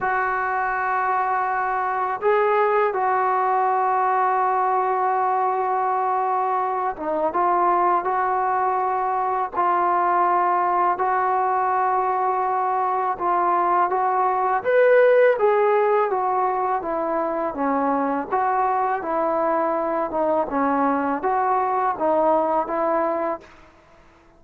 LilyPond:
\new Staff \with { instrumentName = "trombone" } { \time 4/4 \tempo 4 = 82 fis'2. gis'4 | fis'1~ | fis'4. dis'8 f'4 fis'4~ | fis'4 f'2 fis'4~ |
fis'2 f'4 fis'4 | b'4 gis'4 fis'4 e'4 | cis'4 fis'4 e'4. dis'8 | cis'4 fis'4 dis'4 e'4 | }